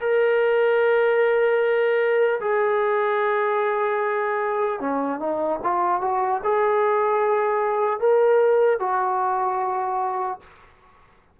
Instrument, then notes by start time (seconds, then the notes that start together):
trombone
0.00 A#4
2.40 G#4
4.80 C#4
5.20 D#4
5.63 F4
6.01 F#4
6.44 G#4
7.99 A#4
8.79 F#4